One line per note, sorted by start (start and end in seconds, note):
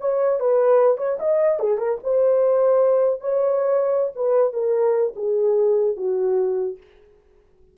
0.00 0.39 C#5
0.39 0.97 B4
0.97 1.18 C#5
1.19 1.59 D#5
1.59 1.78 G#4
1.78 1.98 A#4
2.03 3.20 C5
3.20 4.12 C#5
4.15 4.53 B4
4.53 5.14 A#4
5.16 5.96 G#4
5.96 6.77 F#4